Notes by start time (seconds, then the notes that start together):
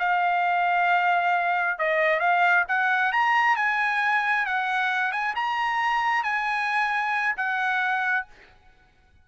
0.00 F5
1.79 D#5
2.20 F5
2.69 F#5
3.13 A#5
3.57 G#5
4.46 F#5
5.12 G#5
5.36 A#5
6.24 G#5
7.37 F#5